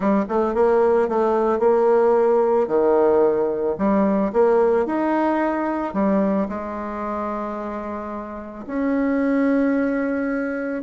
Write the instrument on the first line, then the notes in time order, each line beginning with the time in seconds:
bassoon
0.00 G3
0.29 A3
0.54 A#3
1.08 A3
1.59 A#3
2.67 D#3
3.77 G3
4.32 A#3
4.86 D#4
5.93 G3
6.48 G#3
8.66 C#4